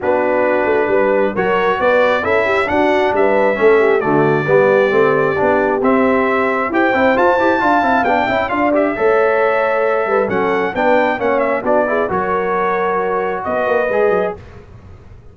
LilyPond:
<<
  \new Staff \with { instrumentName = "trumpet" } { \time 4/4 \tempo 4 = 134 b'2. cis''4 | d''4 e''4 fis''4 e''4~ | e''4 d''2.~ | d''4 e''2 g''4 |
a''2 g''4 f''8 e''8~ | e''2. fis''4 | g''4 fis''8 e''8 d''4 cis''4~ | cis''2 dis''2 | }
  \new Staff \with { instrumentName = "horn" } { \time 4/4 fis'2 b'4 ais'4 | b'4 a'8 g'8 fis'4 b'4 | a'8 g'8 fis'4 g'2~ | g'2. c''4~ |
c''4 f''4. e''8 d''4 | cis''2~ cis''8 b'8 a'4 | b'4 cis''4 fis'8 gis'8 ais'4~ | ais'2 b'2 | }
  \new Staff \with { instrumentName = "trombone" } { \time 4/4 d'2. fis'4~ | fis'4 e'4 d'2 | cis'4 a4 b4 c'4 | d'4 c'2 g'8 e'8 |
f'8 g'8 f'8 e'8 d'8 e'8 f'8 g'8 | a'2. cis'4 | d'4 cis'4 d'8 e'8 fis'4~ | fis'2. gis'4 | }
  \new Staff \with { instrumentName = "tuba" } { \time 4/4 b4. a8 g4 fis4 | b4 cis'4 d'4 g4 | a4 d4 g4 a4 | b4 c'2 e'8 c'8 |
f'8 e'8 d'8 c'8 b8 cis'8 d'4 | a2~ a8 g8 fis4 | b4 ais4 b4 fis4~ | fis2 b8 ais8 gis8 fis8 | }
>>